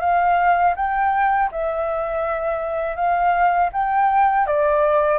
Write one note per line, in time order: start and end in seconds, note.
0.00 0.74 F5
0.75 1.49 G5
1.51 2.95 E5
2.95 3.69 F5
3.72 4.46 G5
4.46 5.18 D5